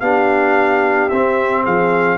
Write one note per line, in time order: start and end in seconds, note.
0.00 1.10 B3
0.00 1.11 D4
0.00 1.63 G4
0.00 1.09 F5
1.09 1.66 C4
1.09 2.18 C4
1.09 1.64 E5
1.63 2.18 F3
1.63 2.18 G#4
1.63 2.18 F5